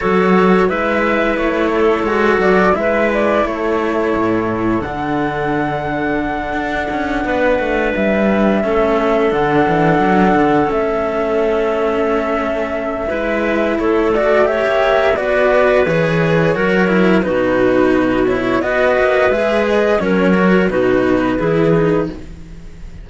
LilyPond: <<
  \new Staff \with { instrumentName = "flute" } { \time 4/4 \tempo 4 = 87 cis''4 e''4 cis''4. d''8 | e''8 d''8 cis''2 fis''4~ | fis''2.~ fis''8 e''8~ | e''4. fis''2 e''8~ |
e''1 | cis''8 d''8 e''4 d''4 cis''4~ | cis''4 b'4. cis''8 dis''4 | e''8 dis''8 cis''4 b'2 | }
  \new Staff \with { instrumentName = "clarinet" } { \time 4/4 a'4 b'4. a'4. | b'4 a'2.~ | a'2~ a'8 b'4.~ | b'8 a'2.~ a'8~ |
a'2. b'4 | a'4 cis''4 b'2 | ais'4 fis'2 b'4~ | b'4 ais'4 fis'4 gis'4 | }
  \new Staff \with { instrumentName = "cello" } { \time 4/4 fis'4 e'2 fis'4 | e'2. d'4~ | d'1~ | d'8 cis'4 d'2 cis'8~ |
cis'2. e'4~ | e'8 fis'8 g'4 fis'4 gis'4 | fis'8 e'8 dis'4. e'8 fis'4 | gis'4 cis'8 fis'8 dis'4 e'8 dis'8 | }
  \new Staff \with { instrumentName = "cello" } { \time 4/4 fis4 gis4 a4 gis8 fis8 | gis4 a4 a,4 d4~ | d4. d'8 cis'8 b8 a8 g8~ | g8 a4 d8 e8 fis8 d8 a8~ |
a2. gis4 | a4~ a16 ais8. b4 e4 | fis4 b,2 b8 ais8 | gis4 fis4 b,4 e4 | }
>>